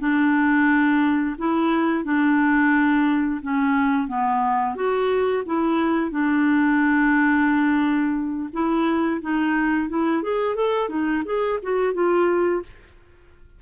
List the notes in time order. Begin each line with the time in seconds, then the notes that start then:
0.00 D4
1.39 E4
2.05 D4
3.43 C#4
4.08 B3
4.76 F#4
5.46 E4
6.11 D4
8.54 E4
9.22 D#4
9.89 E4
10.23 G#4
10.56 A4
10.89 D#4
11.25 G#4
11.63 F#4
11.94 F4